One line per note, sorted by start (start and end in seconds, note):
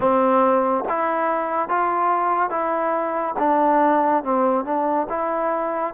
0.00 0.84 C4
0.88 1.69 E4
1.69 2.50 F4
2.50 3.34 E4
3.38 4.23 D4
4.23 4.64 C4
4.64 5.07 D4
5.09 5.93 E4